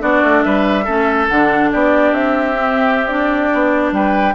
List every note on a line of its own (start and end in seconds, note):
0.00 0.23 B3
0.00 0.85 D4
0.00 0.44 F#4
0.00 0.43 D5
0.23 0.44 A3
0.43 0.87 G3
0.43 0.84 B4
0.43 1.27 E5
0.84 1.30 A3
0.84 1.29 C#4
0.84 1.69 A4
1.28 1.73 D3
1.28 2.56 D4
1.28 1.70 F#5
1.72 2.13 B3
1.72 3.94 G4
1.72 2.14 D5
2.13 3.50 C4
2.13 3.07 E5
2.56 3.09 C4
3.07 4.35 D4
3.07 3.92 D5
3.53 3.92 B3
3.92 4.34 G3
3.92 4.35 B4
3.92 4.35 G5